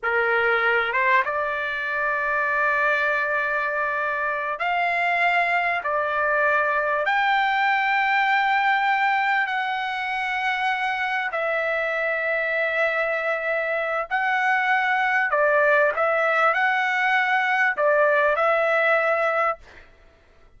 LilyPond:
\new Staff \with { instrumentName = "trumpet" } { \time 4/4 \tempo 4 = 98 ais'4. c''8 d''2~ | d''2.~ d''8 f''8~ | f''4. d''2 g''8~ | g''2.~ g''8 fis''8~ |
fis''2~ fis''8 e''4.~ | e''2. fis''4~ | fis''4 d''4 e''4 fis''4~ | fis''4 d''4 e''2 | }